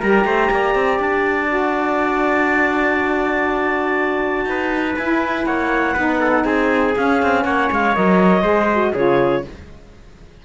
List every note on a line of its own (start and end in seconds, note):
0.00 0.24 G3
0.00 1.48 G4
0.00 0.25 A#4
0.00 0.99 A#5
0.24 0.49 A3
0.24 0.51 C5
0.50 0.74 A#3
0.50 4.48 D5
0.74 0.99 C4
0.99 4.44 D4
0.99 4.96 A5
1.48 4.95 F#4
4.44 4.94 D#4
4.44 5.46 B4
4.96 5.46 E4
4.96 5.96 E4
4.96 5.45 G#5
5.45 5.95 A#3
5.45 5.93 C#5
5.45 6.43 F#5
5.93 6.44 B3
5.93 6.95 D#4
5.93 6.18 B4
6.20 6.45 A4
6.43 6.94 C4
6.43 7.44 G#4
6.43 6.93 G#5
6.95 7.94 C#4
6.95 7.22 C#4
6.95 7.44 F5
7.22 7.44 C4
7.44 7.69 A#3
7.44 8.42 C#5
7.44 7.68 F#5
7.71 7.96 G#3
7.71 7.95 F5
7.94 8.42 F#3
7.94 8.41 A#4
7.94 8.94 D#5
8.41 8.92 G#3
8.41 8.66 G#4
8.41 8.91 C5
8.72 8.95 F#4
8.92 9.45 C#3
8.92 9.45 F4
8.92 9.42 G#4
8.92 9.44 C#5